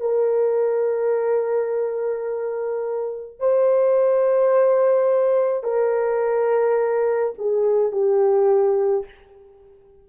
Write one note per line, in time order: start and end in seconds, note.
0.00 3.39 A#4
3.39 5.63 C5
5.63 7.33 A#4
7.38 7.91 G#4
7.91 9.05 G4